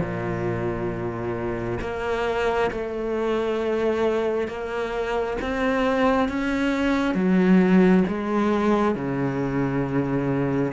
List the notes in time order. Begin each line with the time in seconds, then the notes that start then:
0.00 A#2
1.81 A#3
2.71 A3
4.48 A#3
5.41 C4
6.29 C#4
7.14 F#3
8.08 G#3
8.95 C#3